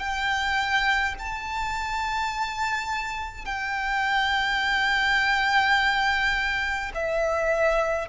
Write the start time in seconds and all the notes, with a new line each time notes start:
0.00 G5
1.19 A5
3.46 G5
6.95 E5